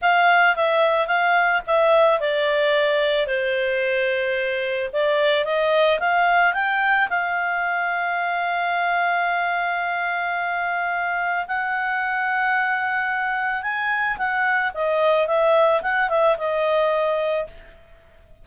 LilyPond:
\new Staff \with { instrumentName = "clarinet" } { \time 4/4 \tempo 4 = 110 f''4 e''4 f''4 e''4 | d''2 c''2~ | c''4 d''4 dis''4 f''4 | g''4 f''2.~ |
f''1~ | f''4 fis''2.~ | fis''4 gis''4 fis''4 dis''4 | e''4 fis''8 e''8 dis''2 | }